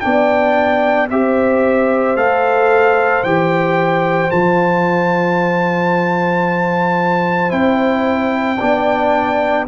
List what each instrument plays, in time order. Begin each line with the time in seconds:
0.00 tuba B3, trombone D4, horn D5, trumpet G5
1.10 tuba C4, trombone G4, horn C5, trumpet E5
2.16 tuba A3, trombone A4, trumpet F5
3.23 tuba E3, trombone G4, trumpet G5
4.30 tuba F3, trombone F4, trumpet A5
7.49 tuba C4, trombone E4, trumpet G5
8.59 tuba B3, trombone D4, horn D5